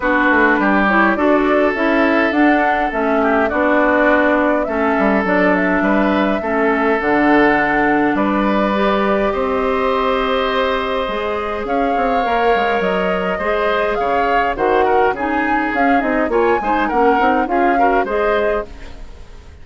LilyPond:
<<
  \new Staff \with { instrumentName = "flute" } { \time 4/4 \tempo 4 = 103 b'4. cis''8 d''4 e''4 | fis''4 e''4 d''2 | e''4 d''8 e''2~ e''8 | fis''2 d''2 |
dis''1 | f''2 dis''2 | f''4 fis''4 gis''4 f''8 dis''8 | gis''4 fis''4 f''4 dis''4 | }
  \new Staff \with { instrumentName = "oboe" } { \time 4/4 fis'4 g'4 a'2~ | a'4. g'8 fis'2 | a'2 b'4 a'4~ | a'2 b'2 |
c''1 | cis''2. c''4 | cis''4 c''8 ais'8 gis'2 | cis''8 c''8 ais'4 gis'8 ais'8 c''4 | }
  \new Staff \with { instrumentName = "clarinet" } { \time 4/4 d'4. e'8 fis'4 e'4 | d'4 cis'4 d'2 | cis'4 d'2 cis'4 | d'2. g'4~ |
g'2. gis'4~ | gis'4 ais'2 gis'4~ | gis'4 fis'4 dis'4 cis'8 dis'8 | f'8 dis'8 cis'8 dis'8 f'8 fis'8 gis'4 | }
  \new Staff \with { instrumentName = "bassoon" } { \time 4/4 b8 a8 g4 d'4 cis'4 | d'4 a4 b2 | a8 g8 fis4 g4 a4 | d2 g2 |
c'2. gis4 | cis'8 c'8 ais8 gis8 fis4 gis4 | cis4 dis4 cis4 cis'8 c'8 | ais8 gis8 ais8 c'8 cis'4 gis4 | }
>>